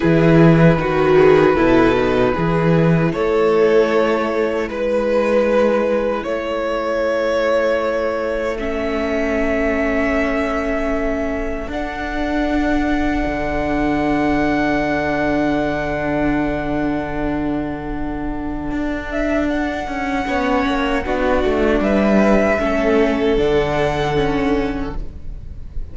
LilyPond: <<
  \new Staff \with { instrumentName = "violin" } { \time 4/4 \tempo 4 = 77 b'1 | cis''2 b'2 | cis''2. e''4~ | e''2. fis''4~ |
fis''1~ | fis''1~ | fis''8 e''8 fis''2. | e''2 fis''2 | }
  \new Staff \with { instrumentName = "violin" } { \time 4/4 gis'4 fis'8 gis'8 a'4 gis'4 | a'2 b'2 | a'1~ | a'1~ |
a'1~ | a'1~ | a'2 cis''4 fis'4 | b'4 a'2. | }
  \new Staff \with { instrumentName = "viola" } { \time 4/4 e'4 fis'4 e'8 dis'8 e'4~ | e'1~ | e'2. cis'4~ | cis'2. d'4~ |
d'1~ | d'1~ | d'2 cis'4 d'4~ | d'4 cis'4 d'4 cis'4 | }
  \new Staff \with { instrumentName = "cello" } { \time 4/4 e4 dis4 b,4 e4 | a2 gis2 | a1~ | a2. d'4~ |
d'4 d2.~ | d1 | d'4. cis'8 b8 ais8 b8 a8 | g4 a4 d2 | }
>>